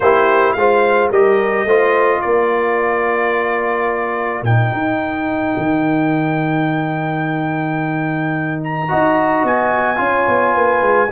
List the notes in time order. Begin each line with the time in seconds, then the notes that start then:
0.00 A#3 E4 G4 C5
0.52 G#3 F4 C5 F5
1.10 G3 G4 A#4 D#5
1.65 A3 F4 C5
2.21 A#3 A#4 D5
4.42 A#2 D#4 G5
4.72 D#4
5.57 D#3
8.63 A#5
8.88 D#4 F#4 D#5
9.43 B3 G#5
9.96 C#4 F4 C#5
10.27 B3
10.54 A#3 B4
10.81 G#3